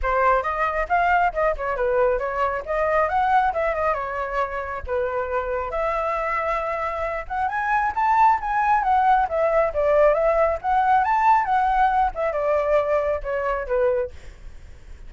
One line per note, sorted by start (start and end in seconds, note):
0.02 0.43 C5
0.43 0.87 D#5
0.88 1.32 F5
1.33 1.55 D#5
1.56 1.76 C#5
1.76 2.18 B4
2.18 2.62 C#5
2.65 3.08 D#5
3.08 3.52 F#5
3.53 3.74 E5
3.74 3.94 D#5
3.94 4.82 C#5
4.86 5.70 B4
5.70 7.25 E5
7.28 7.48 F#5
7.48 7.92 G#5
7.95 8.39 A5
8.40 8.83 G#5
8.83 9.27 F#5
9.28 9.72 E5
9.73 10.14 D5
10.14 10.58 E5
10.61 11.04 F#5
11.04 11.44 A5
11.44 12.11 F#5
12.14 12.32 E5
12.32 13.20 D5
13.23 13.66 C#5
13.66 14.11 B4